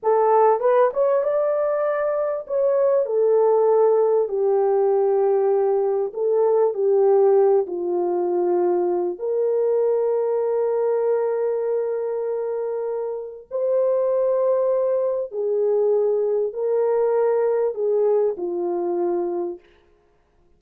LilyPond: \new Staff \with { instrumentName = "horn" } { \time 4/4 \tempo 4 = 98 a'4 b'8 cis''8 d''2 | cis''4 a'2 g'4~ | g'2 a'4 g'4~ | g'8 f'2~ f'8 ais'4~ |
ais'1~ | ais'2 c''2~ | c''4 gis'2 ais'4~ | ais'4 gis'4 f'2 | }